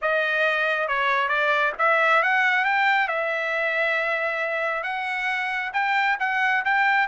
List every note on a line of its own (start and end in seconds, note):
0.01 0.87 D#5
0.87 1.28 C#5
1.28 1.72 D5
1.78 2.22 E5
2.23 2.65 F#5
2.65 3.08 G5
3.08 4.83 E5
4.83 5.71 F#5
5.73 6.17 G5
6.19 6.64 F#5
6.64 7.07 G5